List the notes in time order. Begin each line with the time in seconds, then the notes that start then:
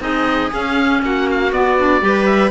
0.00 C4 D#4 G#4 D#5
0.52 C#4 F5
1.02 A#3 F#4 F#5
1.30 F5
1.52 B3 D5
1.78 D4
2.01 G3 G4 B4
2.26 E5